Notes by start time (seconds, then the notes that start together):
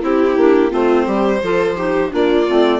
0.00 C4 E4 G4
0.36 A#3 D4
0.69 A3 C4 F4 C5
1.06 G3 G4
1.42 F3 F4 A4
1.75 D#4 G4
2.09 A#3 D4 F4 D5
2.48 A3 C4